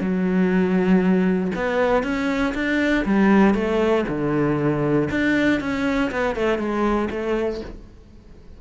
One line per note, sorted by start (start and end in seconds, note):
0.00 1.51 F#3
1.55 2.03 B3
2.03 2.53 C#4
2.54 3.04 D4
3.05 3.54 G3
3.54 4.05 A3
4.08 5.09 D3
5.11 5.60 D4
5.60 6.11 C#4
6.11 6.35 B3
6.35 6.58 A3
6.58 7.08 G#3
7.10 7.61 A3